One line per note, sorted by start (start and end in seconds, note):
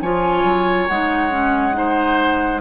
0.00 0.44 F3
0.00 0.89 F4
0.00 1.76 C#5
0.00 0.87 G#5
0.44 0.87 F#3
0.87 2.61 G#3
0.87 1.30 D#4
0.87 2.61 F#5
1.30 1.73 C#4
1.73 2.60 D#4
1.73 2.61 C5